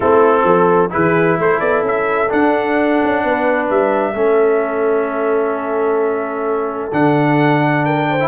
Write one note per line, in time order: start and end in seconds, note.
0.00 0.43 A3
0.00 0.89 C4
0.00 0.43 E4
0.00 0.91 A4
0.43 0.90 F3
0.43 0.92 A4
0.89 1.38 E3
0.89 2.28 E4
0.89 1.39 G#4
0.89 1.39 B4
1.38 1.61 A3
1.38 3.25 A4
1.38 1.59 C5
1.59 1.82 B3
1.59 1.82 D5
1.82 2.28 C#4
1.82 2.31 E5
2.29 4.13 D4
2.29 3.02 D4
2.29 3.69 F#5
3.03 3.24 C#4
3.24 3.69 B3
3.24 4.14 B4
3.69 4.14 G3
3.69 6.92 E5
4.14 6.91 A3
4.14 6.91 C#4
4.14 7.83 A4
6.92 8.28 D3
6.92 8.19 D4
6.92 7.85 F#5
7.85 8.08 A#4
7.85 8.28 G5
8.09 8.28 C5
8.19 8.28 E4